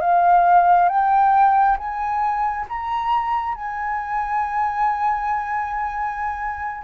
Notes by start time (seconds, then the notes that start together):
0.00 F5
0.89 G5
1.77 G#5
2.68 A#5
3.55 G#5